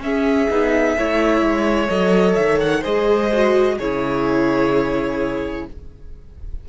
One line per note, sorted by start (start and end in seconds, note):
0.00 0.47 C#4
0.00 0.50 C#4
0.00 0.97 G#4
0.00 1.89 E5
0.50 0.97 B3
0.50 0.97 D#4
0.97 1.42 A3
0.97 1.88 E4
0.97 2.80 C#5
1.42 1.88 G#3
1.88 2.37 F#3
1.88 2.82 A4
1.88 2.35 D#5
2.35 2.84 D#3
2.35 2.58 E5
2.60 2.84 F#5
2.80 3.79 G#3
2.80 3.30 G#4
2.80 3.74 C5
2.80 3.78 D#5
3.33 3.80 F#4
3.78 5.66 C#3
3.78 5.69 E4
3.78 5.65 G#4
3.78 5.66 C#5